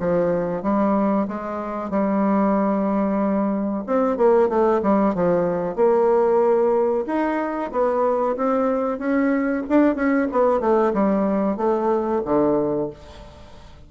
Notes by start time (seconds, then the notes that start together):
0.00 F3
0.62 G3
1.28 G#3
1.90 G3
3.87 C4
4.17 A#3
4.49 A3
4.83 G3
5.15 F3
5.76 A#3
7.07 D#4
7.72 B3
8.36 C4
8.99 C#4
9.69 D4
9.95 C#4
10.32 B3
10.60 A3
10.93 G3
11.57 A3
12.25 D3